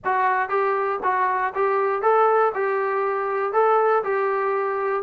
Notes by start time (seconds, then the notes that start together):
0.04 F#4
0.49 G4
1.03 F#4
1.54 G4
2.02 A4
2.54 G4
3.52 A4
4.03 G4